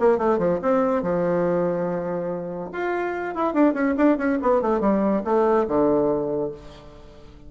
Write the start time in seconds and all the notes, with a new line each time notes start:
0.00 A#3
0.18 A3
0.39 F3
0.62 C4
1.03 F3
2.73 F4
3.35 E4
3.54 D4
3.74 C#4
3.98 D4
4.18 C#4
4.42 B3
4.62 A3
4.81 G3
5.25 A3
5.68 D3